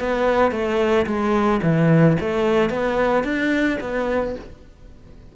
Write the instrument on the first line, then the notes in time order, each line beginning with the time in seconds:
cello
0.00 B3
0.52 A3
1.06 G#3
1.63 E3
2.20 A3
2.70 B3
3.24 D4
3.81 B3